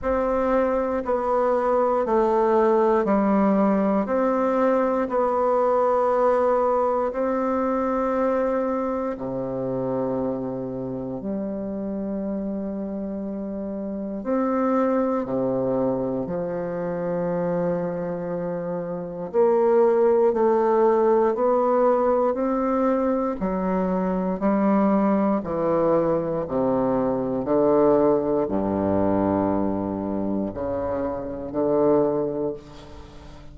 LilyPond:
\new Staff \with { instrumentName = "bassoon" } { \time 4/4 \tempo 4 = 59 c'4 b4 a4 g4 | c'4 b2 c'4~ | c'4 c2 g4~ | g2 c'4 c4 |
f2. ais4 | a4 b4 c'4 fis4 | g4 e4 c4 d4 | g,2 cis4 d4 | }